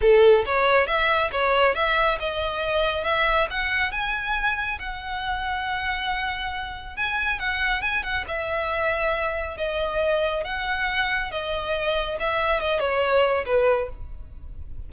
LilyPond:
\new Staff \with { instrumentName = "violin" } { \time 4/4 \tempo 4 = 138 a'4 cis''4 e''4 cis''4 | e''4 dis''2 e''4 | fis''4 gis''2 fis''4~ | fis''1 |
gis''4 fis''4 gis''8 fis''8 e''4~ | e''2 dis''2 | fis''2 dis''2 | e''4 dis''8 cis''4. b'4 | }